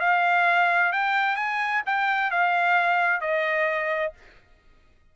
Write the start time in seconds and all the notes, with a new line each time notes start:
0.00 F5
0.93 G5
1.36 G#5
1.86 G5
2.31 F5
3.21 D#5